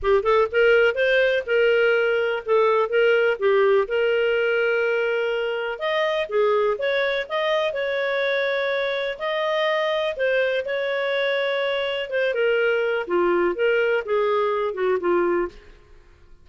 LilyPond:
\new Staff \with { instrumentName = "clarinet" } { \time 4/4 \tempo 4 = 124 g'8 a'8 ais'4 c''4 ais'4~ | ais'4 a'4 ais'4 g'4 | ais'1 | dis''4 gis'4 cis''4 dis''4 |
cis''2. dis''4~ | dis''4 c''4 cis''2~ | cis''4 c''8 ais'4. f'4 | ais'4 gis'4. fis'8 f'4 | }